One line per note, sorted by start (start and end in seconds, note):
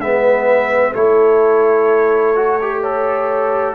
0.00 0.94 G#3
0.00 0.95 B3
0.00 0.92 B4
0.00 0.94 E5
0.92 3.75 A3
0.92 2.36 E4
0.92 2.79 A4
0.92 2.82 C#5
2.36 2.59 F#4
2.62 3.75 G4
2.81 3.75 A4
2.81 3.75 C#5